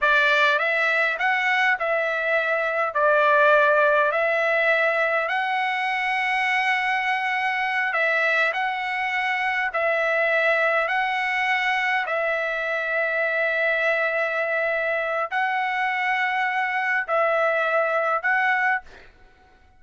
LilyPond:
\new Staff \with { instrumentName = "trumpet" } { \time 4/4 \tempo 4 = 102 d''4 e''4 fis''4 e''4~ | e''4 d''2 e''4~ | e''4 fis''2.~ | fis''4. e''4 fis''4.~ |
fis''8 e''2 fis''4.~ | fis''8 e''2.~ e''8~ | e''2 fis''2~ | fis''4 e''2 fis''4 | }